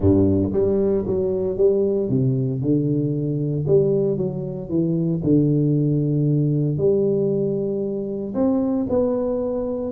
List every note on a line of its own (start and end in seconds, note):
0.00 0.51 G2
0.52 1.05 G3
1.06 1.57 F#3
1.57 2.09 G3
2.09 2.61 C3
2.61 3.65 D3
3.67 4.17 G3
4.17 4.69 F#3
4.69 5.21 E3
5.23 6.77 D3
6.77 8.34 G3
8.34 8.86 C4
8.89 9.92 B3